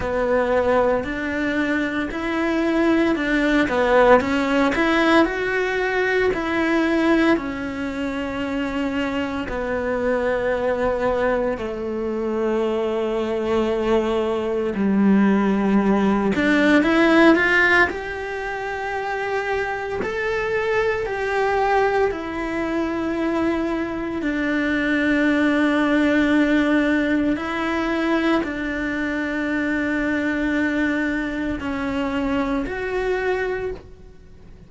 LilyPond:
\new Staff \with { instrumentName = "cello" } { \time 4/4 \tempo 4 = 57 b4 d'4 e'4 d'8 b8 | cis'8 e'8 fis'4 e'4 cis'4~ | cis'4 b2 a4~ | a2 g4. d'8 |
e'8 f'8 g'2 a'4 | g'4 e'2 d'4~ | d'2 e'4 d'4~ | d'2 cis'4 fis'4 | }